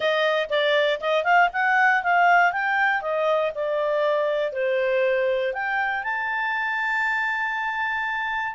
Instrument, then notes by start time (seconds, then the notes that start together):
clarinet
0.00 D#5
0.49 D5
1.00 D#5
1.24 F5
1.52 F#5
2.03 F5
2.52 G5
3.01 D#5
3.55 D5
4.52 C5
5.53 G5
6.03 A5